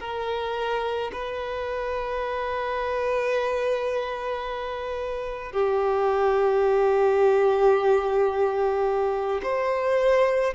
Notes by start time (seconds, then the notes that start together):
0.00 A#4
1.13 B4
5.53 G4
9.43 C5